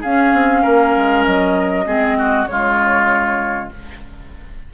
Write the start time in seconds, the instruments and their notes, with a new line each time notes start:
0.00 bassoon C#4, clarinet C#4, oboe G#4, flute F5
0.33 bassoon C4
0.62 bassoon A#3, oboe A#4
0.96 bassoon G#3
1.25 bassoon F#3, flute D#5
1.86 bassoon G#3, clarinet C4, oboe G#4
2.18 oboe F#4
2.46 bassoon C#3, clarinet G#3, oboe F4, flute C#5